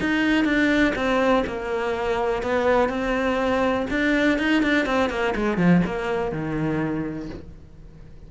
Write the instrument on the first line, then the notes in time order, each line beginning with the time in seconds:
cello
0.00 D#4
0.44 D4
0.95 C4
1.46 A#3
2.43 B3
2.89 C4
3.90 D4
4.38 D#4
4.63 D4
4.86 C4
5.10 A#3
5.35 G#3
5.57 F3
5.85 A#3
6.32 D#3